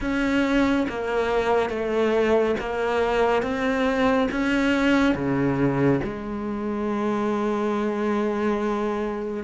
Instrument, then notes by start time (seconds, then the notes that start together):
cello
0.00 C#4
0.88 A#3
1.69 A3
2.59 A#3
3.42 C4
4.31 C#4
5.14 C#3
6.04 G#3